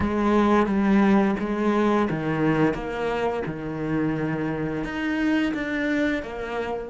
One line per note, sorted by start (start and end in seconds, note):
0.00 0.66 G#3
0.66 1.35 G3
1.39 2.08 G#3
2.09 2.74 D#3
2.74 3.43 A#3
3.46 4.83 D#3
4.83 5.52 D#4
5.54 6.22 D4
6.22 6.90 A#3